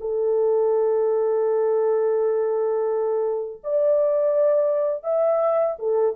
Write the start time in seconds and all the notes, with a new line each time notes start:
0.00 A4
3.63 D5
5.03 E5
5.79 A4